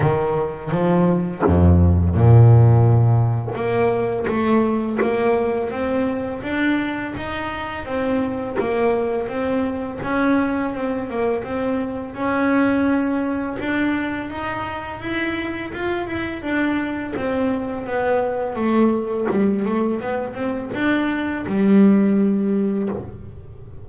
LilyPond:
\new Staff \with { instrumentName = "double bass" } { \time 4/4 \tempo 4 = 84 dis4 f4 f,4 ais,4~ | ais,4 ais4 a4 ais4 | c'4 d'4 dis'4 c'4 | ais4 c'4 cis'4 c'8 ais8 |
c'4 cis'2 d'4 | dis'4 e'4 f'8 e'8 d'4 | c'4 b4 a4 g8 a8 | b8 c'8 d'4 g2 | }